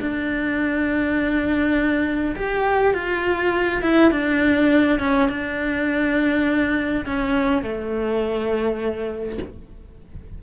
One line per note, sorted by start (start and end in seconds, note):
0.00 2.35 D4
2.36 2.94 G4
2.94 3.82 F4
3.82 4.11 E4
4.11 4.99 D4
4.99 5.29 C#4
5.29 7.05 D4
7.06 7.62 C#4
7.62 9.39 A3